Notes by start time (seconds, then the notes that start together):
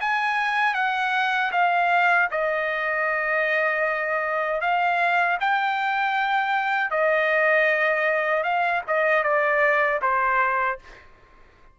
0.00 G#5
0.74 F#5
1.51 F5
2.30 D#5
4.60 F5
5.40 G5
6.90 D#5
8.43 F5
8.87 D#5
9.23 D5
10.02 C5